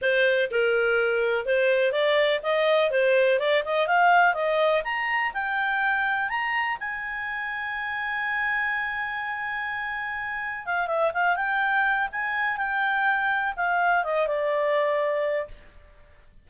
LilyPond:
\new Staff \with { instrumentName = "clarinet" } { \time 4/4 \tempo 4 = 124 c''4 ais'2 c''4 | d''4 dis''4 c''4 d''8 dis''8 | f''4 dis''4 ais''4 g''4~ | g''4 ais''4 gis''2~ |
gis''1~ | gis''2 f''8 e''8 f''8 g''8~ | g''4 gis''4 g''2 | f''4 dis''8 d''2~ d''8 | }